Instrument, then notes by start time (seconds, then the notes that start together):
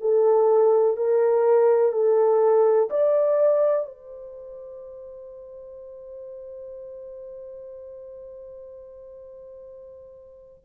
horn
0.00 A4
0.96 A#4
1.92 A4
2.90 D5
3.86 C5